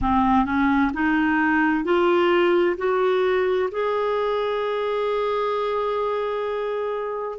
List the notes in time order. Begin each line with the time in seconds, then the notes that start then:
0.01 C4
0.45 C#4
0.93 D#4
1.84 F4
2.77 F#4
3.71 G#4